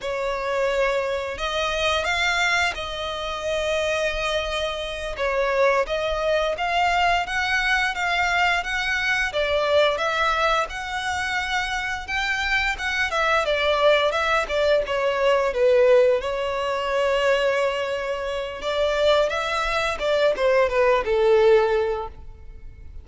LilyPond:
\new Staff \with { instrumentName = "violin" } { \time 4/4 \tempo 4 = 87 cis''2 dis''4 f''4 | dis''2.~ dis''8 cis''8~ | cis''8 dis''4 f''4 fis''4 f''8~ | f''8 fis''4 d''4 e''4 fis''8~ |
fis''4. g''4 fis''8 e''8 d''8~ | d''8 e''8 d''8 cis''4 b'4 cis''8~ | cis''2. d''4 | e''4 d''8 c''8 b'8 a'4. | }